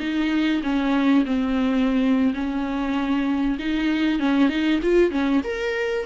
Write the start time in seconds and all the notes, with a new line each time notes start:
0.00 D#4
0.63 C#4
1.25 C4
2.34 C#4
3.59 D#4
4.19 C#4
4.49 D#4
4.82 F4
5.11 C#4
5.44 A#4